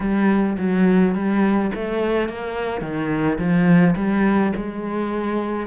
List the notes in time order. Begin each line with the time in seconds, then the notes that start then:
0.00 G3
0.58 F#3
1.14 G3
1.74 A3
2.28 A#3
2.81 D#3
3.38 F3
3.96 G3
4.56 G#3